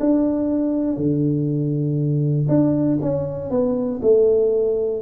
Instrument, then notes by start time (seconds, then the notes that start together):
tuba
0.00 D4
0.97 D3
2.48 D4
3.02 C#4
3.50 B3
4.02 A3